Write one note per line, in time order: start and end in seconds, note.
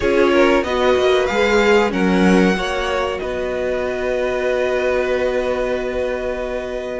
0.00 0.63 C#4
0.00 0.64 F4
0.00 0.32 G#4
0.00 0.63 C#5
0.32 0.64 A#4
0.63 0.95 B3
0.63 1.29 F#4
0.63 1.92 B4
0.63 1.26 D#5
0.97 1.29 A#3
1.26 1.92 G#3
1.26 1.89 G#4
1.26 1.90 F5
1.89 2.55 F#3
1.89 2.53 C#4
1.89 2.56 A#4
1.89 3.18 F#5
2.55 3.19 A#3
2.55 7.00 F#4
2.55 3.20 C#5
3.18 7.00 B3
3.18 7.00 B4
3.18 7.00 D#5